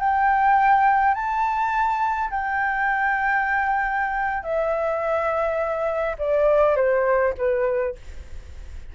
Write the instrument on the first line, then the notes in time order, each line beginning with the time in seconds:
flute
0.00 G5
1.15 A5
2.31 G5
4.43 E5
6.19 D5
6.76 C5
7.38 B4